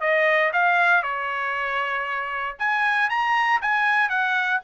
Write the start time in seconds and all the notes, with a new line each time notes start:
0.00 D#5
0.53 F5
1.03 C#5
2.59 G#5
3.09 A#5
3.61 G#5
4.09 F#5